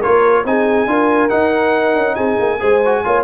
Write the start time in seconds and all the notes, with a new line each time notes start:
0.00 A#3 F4 A#4 C#5
0.45 C4 D#4 G#4 G#5
0.86 D4 F4 A#4
1.29 D#4 F#5
1.96 C#4
2.16 C4 G#4 G#5
2.40 A#3
2.60 G#3 G#4 C5
2.86 F#4
3.04 A#3 F4 C#5